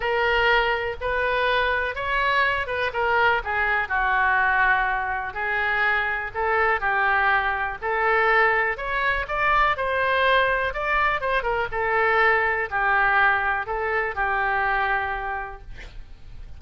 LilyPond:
\new Staff \with { instrumentName = "oboe" } { \time 4/4 \tempo 4 = 123 ais'2 b'2 | cis''4. b'8 ais'4 gis'4 | fis'2. gis'4~ | gis'4 a'4 g'2 |
a'2 cis''4 d''4 | c''2 d''4 c''8 ais'8 | a'2 g'2 | a'4 g'2. | }